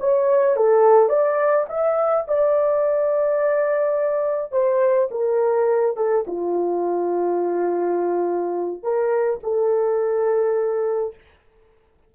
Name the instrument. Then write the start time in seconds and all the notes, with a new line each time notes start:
horn
0.00 C#5
0.57 A4
1.09 D5
1.69 E5
2.28 D5
4.52 C5
5.11 A#4
5.97 A4
6.27 F4
8.83 A#4
9.43 A4